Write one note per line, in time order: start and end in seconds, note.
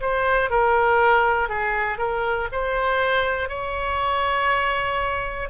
0.00 0.50 C5
0.50 1.49 A#4
1.49 1.97 G#4
1.97 2.47 A#4
2.52 3.48 C5
3.48 5.48 C#5